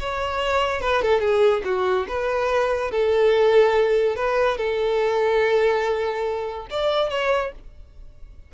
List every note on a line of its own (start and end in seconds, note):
0.00 0.81 C#5
0.81 1.02 B4
1.02 1.21 A4
1.21 1.62 G#4
1.65 2.07 F#4
2.08 2.91 B4
2.91 4.16 A4
4.16 4.57 B4
4.57 6.67 A4
6.70 7.10 D5
7.10 7.52 C#5